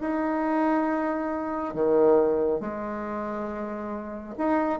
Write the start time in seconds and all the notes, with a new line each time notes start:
0.00 D#4
1.74 D#3
2.60 G#3
4.38 D#4